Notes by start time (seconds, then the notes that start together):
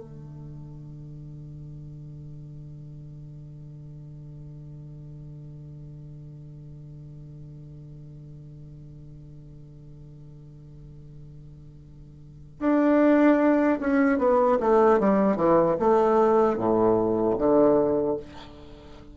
0.00 D3
12.60 D4
13.81 C#4
14.19 B3
14.61 A3
15.00 G3
15.37 E3
15.80 A3
16.58 A2
17.38 D3